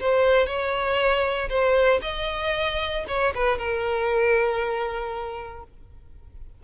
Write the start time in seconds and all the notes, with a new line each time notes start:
0.00 C5
0.46 C#5
1.49 C5
2.02 D#5
3.08 C#5
3.34 B4
3.58 A#4